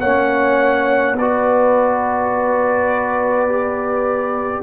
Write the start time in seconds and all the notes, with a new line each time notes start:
0.00 A#3 C#4 C#5 F#5
1.14 B3 B4 D5
1.20 F#4
3.48 G4